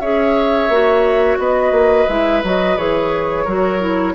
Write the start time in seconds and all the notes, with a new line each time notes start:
0.00 C#4 G#4 C#5 E5
0.69 A#3 F#4
1.38 B3 B4 D#5
1.72 A#3
2.08 G#3 E4 E5
2.44 F#3 F#4 D#5
2.77 E3 G#4 C#5
3.44 F#3 F#4 A#4
3.80 E4